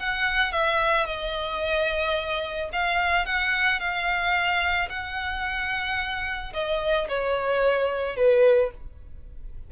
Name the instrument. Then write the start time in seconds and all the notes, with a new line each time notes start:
violin
0.00 F#5
0.53 E5
1.06 D#5
2.73 F5
3.26 F#5
3.80 F5
4.90 F#5
6.54 D#5
7.09 C#5
8.16 B4